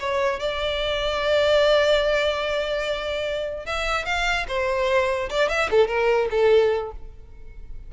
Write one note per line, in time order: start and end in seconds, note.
0.00 0.40 C#5
0.40 3.66 D5
3.66 4.06 E5
4.06 4.46 F5
4.48 5.29 C5
5.30 5.49 D5
5.49 5.70 E5
5.71 5.88 A4
5.88 6.29 A#4
6.31 6.92 A4